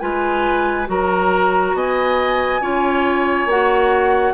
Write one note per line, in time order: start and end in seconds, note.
0.00 0.88 G#3
0.00 0.87 F4
0.00 0.89 B4
0.00 0.87 G#5
0.87 1.74 F#3
0.87 2.61 F#4
0.87 1.77 A#4
0.87 1.77 A#5
1.74 2.61 B3
1.74 2.62 D#5
1.74 3.50 G#5
2.61 3.46 C#4
2.61 3.49 F4
2.61 4.34 C#5
3.46 4.33 A#3
3.46 4.34 F#4
3.46 4.34 F#5